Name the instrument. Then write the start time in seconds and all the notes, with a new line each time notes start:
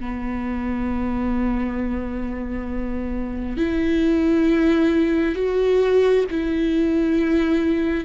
viola
0.00 B3
3.57 E4
5.35 F#4
6.30 E4